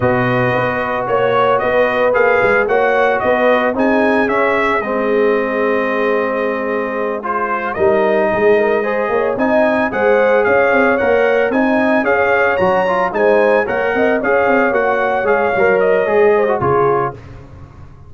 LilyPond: <<
  \new Staff \with { instrumentName = "trumpet" } { \time 4/4 \tempo 4 = 112 dis''2 cis''4 dis''4 | f''4 fis''4 dis''4 gis''4 | e''4 dis''2.~ | dis''4. c''4 dis''4.~ |
dis''4. gis''4 fis''4 f''8~ | f''8 fis''4 gis''4 f''4 ais''8~ | ais''8 gis''4 fis''4 f''4 fis''8~ | fis''8 f''4 dis''4. cis''4 | }
  \new Staff \with { instrumentName = "horn" } { \time 4/4 b'2 cis''4 b'4~ | b'4 cis''4 b'4 gis'4~ | gis'1~ | gis'2~ gis'8 ais'4 gis'8 |
ais'8 c''8 cis''8 dis''4 c''4 cis''8~ | cis''4. dis''4 cis''4.~ | cis''8 c''4 cis''8 dis''8 cis''4.~ | cis''2~ cis''8 c''8 gis'4 | }
  \new Staff \with { instrumentName = "trombone" } { \time 4/4 fis'1 | gis'4 fis'2 dis'4 | cis'4 c'2.~ | c'4. f'4 dis'4.~ |
dis'8 gis'4 dis'4 gis'4.~ | gis'8 ais'4 dis'4 gis'4 fis'8 | f'8 dis'4 ais'4 gis'4 fis'8~ | fis'8 gis'8 ais'4 gis'8. fis'16 f'4 | }
  \new Staff \with { instrumentName = "tuba" } { \time 4/4 b,4 b4 ais4 b4 | ais8 gis8 ais4 b4 c'4 | cis'4 gis2.~ | gis2~ gis8 g4 gis8~ |
gis4 ais8 c'4 gis4 cis'8 | c'8 ais4 c'4 cis'4 fis8~ | fis8 gis4 ais8 c'8 cis'8 c'8 ais8~ | ais8 gis8 fis4 gis4 cis4 | }
>>